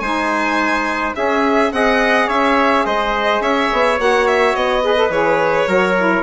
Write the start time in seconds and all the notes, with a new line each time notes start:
0.00 G#3 D#4 C5 G#5
1.15 C#4 G#4 E5
1.72 C4 G#4 D#5 F#5
2.28 C#4 C#5 E5
2.86 G#3 C5 D#5
3.40 C#4 C#5 E5
3.73 B3
3.98 A#3 F#4 F#5
4.27 E5
4.55 B3 D#5
4.84 G#4 B4
4.96 A4
5.10 E3 G#4 C#5
5.67 F#3 F#4 A#4
5.98 E4